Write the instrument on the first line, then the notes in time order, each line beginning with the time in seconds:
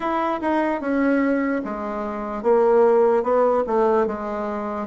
bassoon
0.00 E4
0.41 D#4
0.81 C#4
1.64 G#3
2.43 A#3
3.22 B3
3.66 A3
4.07 G#3